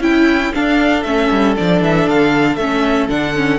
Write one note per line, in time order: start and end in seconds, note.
0.00 0.51 C#4
0.00 0.52 E4
0.00 0.53 E4
0.00 0.54 G5
0.53 1.04 D4
0.53 3.59 A4
0.53 1.03 F5
1.03 1.30 A3
1.03 1.56 C#4
1.03 1.54 E5
1.31 1.56 G3
1.56 1.81 F3
1.56 2.59 D4
1.56 1.82 D5
1.81 2.06 E3
1.81 2.09 E5
2.07 2.57 D3
2.07 2.55 F5
2.55 3.08 A3
2.55 3.09 C#4
2.55 3.07 E5
3.09 3.59 D3
3.09 3.34 D4
3.09 3.59 F#5
3.35 3.59 C#4